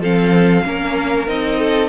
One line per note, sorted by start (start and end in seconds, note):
0.00 0.63 F3
0.00 0.64 C4
0.00 0.64 A4
0.00 1.28 F5
0.64 1.27 A#3
0.64 1.27 C#4
0.64 1.59 A#4
1.27 1.89 C4
1.27 1.89 D#4
1.27 1.89 D#5
1.59 1.89 A4